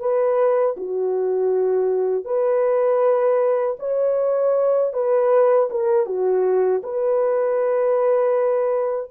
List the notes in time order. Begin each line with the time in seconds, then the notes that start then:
0.00 B4
0.77 F#4
2.25 B4
3.80 C#5
4.94 B4
5.71 A#4
6.06 F#4
6.84 B4